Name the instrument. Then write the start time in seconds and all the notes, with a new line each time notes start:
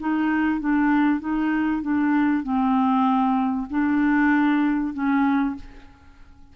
clarinet
0.00 D#4
0.60 D4
1.20 D#4
1.82 D4
2.43 C4
3.70 D4
4.93 C#4